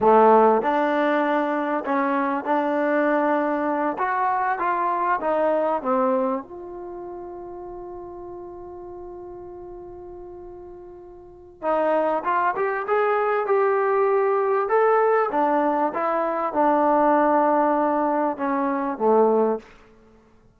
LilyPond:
\new Staff \with { instrumentName = "trombone" } { \time 4/4 \tempo 4 = 98 a4 d'2 cis'4 | d'2~ d'8 fis'4 f'8~ | f'8 dis'4 c'4 f'4.~ | f'1~ |
f'2. dis'4 | f'8 g'8 gis'4 g'2 | a'4 d'4 e'4 d'4~ | d'2 cis'4 a4 | }